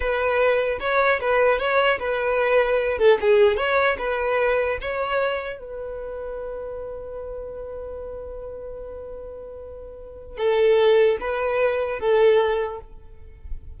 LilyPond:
\new Staff \with { instrumentName = "violin" } { \time 4/4 \tempo 4 = 150 b'2 cis''4 b'4 | cis''4 b'2~ b'8 a'8 | gis'4 cis''4 b'2 | cis''2 b'2~ |
b'1~ | b'1~ | b'2 a'2 | b'2 a'2 | }